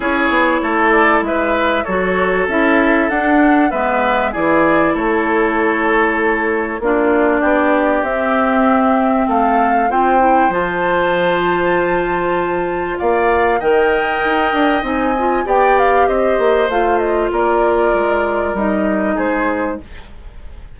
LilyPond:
<<
  \new Staff \with { instrumentName = "flute" } { \time 4/4 \tempo 4 = 97 cis''4. d''8 e''4 cis''4 | e''4 fis''4 e''4 d''4 | cis''2. d''4~ | d''4 e''2 f''4 |
g''4 a''2.~ | a''4 f''4 g''2 | gis''4 g''8 f''8 dis''4 f''8 dis''8 | d''2 dis''4 c''4 | }
  \new Staff \with { instrumentName = "oboe" } { \time 4/4 gis'4 a'4 b'4 a'4~ | a'2 b'4 gis'4 | a'2. f'4 | g'2. a'4 |
c''1~ | c''4 d''4 dis''2~ | dis''4 d''4 c''2 | ais'2. gis'4 | }
  \new Staff \with { instrumentName = "clarinet" } { \time 4/4 e'2. fis'4 | e'4 d'4 b4 e'4~ | e'2. d'4~ | d'4 c'2. |
f'8 e'8 f'2.~ | f'2 ais'2 | dis'8 f'8 g'2 f'4~ | f'2 dis'2 | }
  \new Staff \with { instrumentName = "bassoon" } { \time 4/4 cis'8 b8 a4 gis4 fis4 | cis'4 d'4 gis4 e4 | a2. ais4 | b4 c'2 a4 |
c'4 f2.~ | f4 ais4 dis4 dis'8 d'8 | c'4 b4 c'8 ais8 a4 | ais4 gis4 g4 gis4 | }
>>